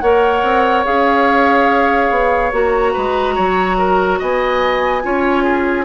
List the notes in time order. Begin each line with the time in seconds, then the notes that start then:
0.00 A#3 A#4 C#5 F#5
0.43 C4
0.85 C#4 G#4 F5
2.10 B3
2.52 A#3 F#4 A#5
2.93 G#3 B4
3.35 F#3 C#5
3.78 A#4
4.19 B3 D#5 G#5
5.03 C#4 F4 C#5
5.43 G#4